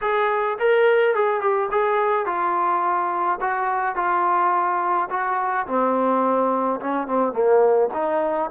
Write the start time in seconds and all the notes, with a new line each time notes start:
0.01 G#4
0.59 A#4
1.14 G#4
1.40 G4
1.71 G#4
2.26 F4
3.40 F#4
3.95 F4
5.09 F#4
5.66 C4
6.80 C#4
7.07 C4
7.32 A#3
7.93 D#4